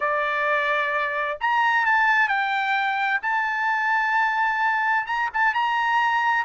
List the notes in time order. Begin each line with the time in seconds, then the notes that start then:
0.00 D5
1.40 A#5
1.85 A5
2.28 G5
3.21 A5
5.06 A#5
5.33 A5
5.53 A#5